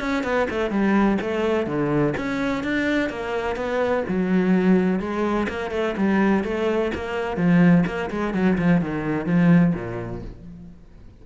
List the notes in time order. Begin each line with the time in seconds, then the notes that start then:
0.00 C#4
0.24 B3
0.50 A3
0.71 G3
1.21 A3
1.66 D3
2.17 C#4
2.64 D4
3.10 A#3
3.56 B3
4.08 F#3
4.99 G#3
5.49 A#3
5.71 A3
5.97 G3
6.44 A3
6.95 A#3
7.37 F3
7.86 A#3
8.10 G#3
8.34 F#3
8.58 F3
8.81 D#3
9.26 F3
9.74 A#2